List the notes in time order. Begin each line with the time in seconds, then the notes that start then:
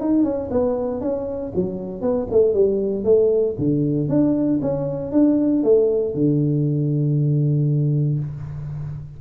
0.00 D#4
0.24 C#4
0.51 B3
1.01 C#4
1.55 F#3
2.01 B3
2.31 A3
2.54 G3
3.04 A3
3.59 D3
4.09 D4
4.62 C#4
5.12 D4
5.63 A3
6.14 D3